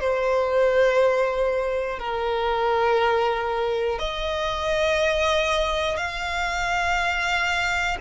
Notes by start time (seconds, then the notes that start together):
0.00 C5
1.99 A#4
3.99 D#5
5.97 F5